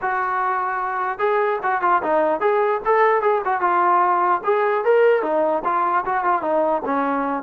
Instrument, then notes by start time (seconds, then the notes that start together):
trombone
0.01 F#4
1.18 G#4
1.63 F#4
1.81 F4
2.02 D#4
2.40 G#4
2.85 A4
3.21 G#4
3.44 F#4
3.60 F4
4.44 G#4
4.84 A#4
5.22 D#4
5.64 F4
6.05 F#4
6.24 F4
6.41 D#4
6.85 C#4